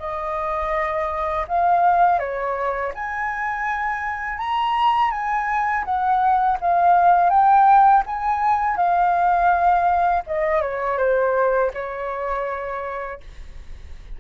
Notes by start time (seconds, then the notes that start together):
0.00 D#5
1.48 F5
2.20 C#5
2.95 G#5
4.39 A#5
5.12 G#5
5.85 F#5
6.61 F5
7.30 G5
8.07 G#5
8.77 F5
10.27 D#5
10.62 C#5
10.98 C5
11.74 C#5